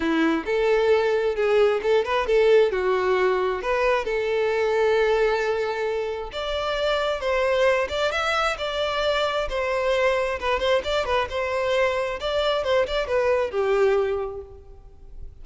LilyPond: \new Staff \with { instrumentName = "violin" } { \time 4/4 \tempo 4 = 133 e'4 a'2 gis'4 | a'8 b'8 a'4 fis'2 | b'4 a'2.~ | a'2 d''2 |
c''4. d''8 e''4 d''4~ | d''4 c''2 b'8 c''8 | d''8 b'8 c''2 d''4 | c''8 d''8 b'4 g'2 | }